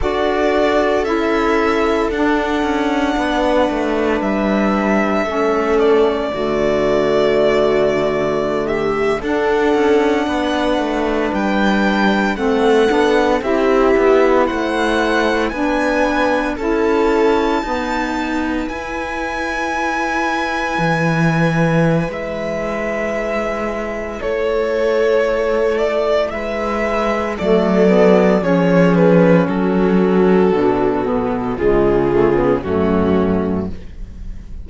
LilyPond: <<
  \new Staff \with { instrumentName = "violin" } { \time 4/4 \tempo 4 = 57 d''4 e''4 fis''2 | e''4. d''2~ d''8~ | d''16 e''8 fis''2 g''4 fis''16~ | fis''8. e''4 fis''4 gis''4 a''16~ |
a''4.~ a''16 gis''2~ gis''16~ | gis''4 e''2 cis''4~ | cis''8 d''8 e''4 d''4 cis''8 b'8 | a'2 gis'4 fis'4 | }
  \new Staff \with { instrumentName = "viola" } { \time 4/4 a'2. b'4~ | b'4 a'4 fis'2~ | fis'16 g'8 a'4 b'2 a'16~ | a'8. g'4 c''4 b'4 a'16~ |
a'8. b'2.~ b'16~ | b'2. a'4~ | a'4 b'4 a'4 gis'4 | fis'2 f'4 cis'4 | }
  \new Staff \with { instrumentName = "saxophone" } { \time 4/4 fis'4 e'4 d'2~ | d'4 cis'4 a2~ | a8. d'2. c'16~ | c'16 d'8 e'2 d'4 e'16~ |
e'8. b4 e'2~ e'16~ | e'1~ | e'2 a8 b8 cis'4~ | cis'4 d'8 b8 gis8 a16 b16 a4 | }
  \new Staff \with { instrumentName = "cello" } { \time 4/4 d'4 cis'4 d'8 cis'8 b8 a8 | g4 a4 d2~ | d8. d'8 cis'8 b8 a8 g4 a16~ | a16 b8 c'8 b8 a4 b4 cis'16~ |
cis'8. dis'4 e'2 e16~ | e4 gis2 a4~ | a4 gis4 fis4 f4 | fis4 b,4 cis4 fis,4 | }
>>